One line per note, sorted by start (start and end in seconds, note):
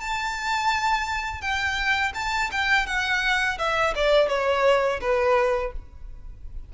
0.00 1.41 A5
1.41 2.12 G5
2.14 2.50 A5
2.51 2.86 G5
2.86 3.57 F#5
3.58 3.94 E5
3.95 4.28 D5
4.28 5.00 C#5
5.01 5.72 B4